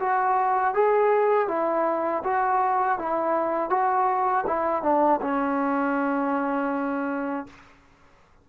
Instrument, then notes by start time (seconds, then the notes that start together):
trombone
0.00 F#4
0.75 G#4
1.48 E4
2.24 F#4
2.99 E4
3.70 F#4
4.47 E4
4.83 D4
5.22 C#4